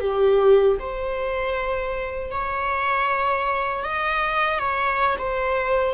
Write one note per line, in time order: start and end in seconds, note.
0.00 0.77 G4
0.79 2.31 C5
2.31 3.84 C#5
3.84 4.59 D#5
4.59 5.16 C#5
5.18 5.94 C5